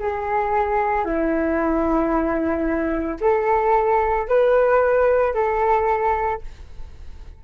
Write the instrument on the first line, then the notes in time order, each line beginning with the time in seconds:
flute
0.00 G#4
1.05 E4
3.21 A4
4.29 B4
5.34 A4